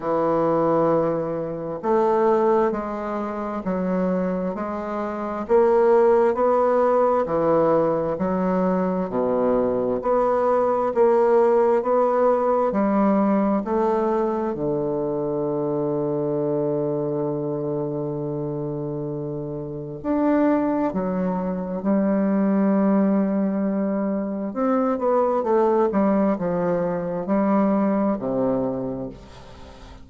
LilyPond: \new Staff \with { instrumentName = "bassoon" } { \time 4/4 \tempo 4 = 66 e2 a4 gis4 | fis4 gis4 ais4 b4 | e4 fis4 b,4 b4 | ais4 b4 g4 a4 |
d1~ | d2 d'4 fis4 | g2. c'8 b8 | a8 g8 f4 g4 c4 | }